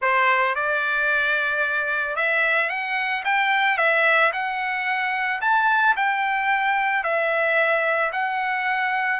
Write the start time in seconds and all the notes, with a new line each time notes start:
0.01 C5
0.55 D5
2.16 E5
2.69 F#5
3.24 G5
3.77 E5
4.32 F#5
5.41 A5
5.96 G5
7.03 E5
8.12 F#5